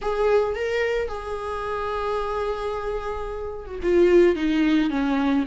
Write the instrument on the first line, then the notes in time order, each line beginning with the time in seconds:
viola
0.01 G#4
0.55 A#4
1.08 G#4
3.66 F#4
3.82 F4
4.35 D#4
4.90 C#4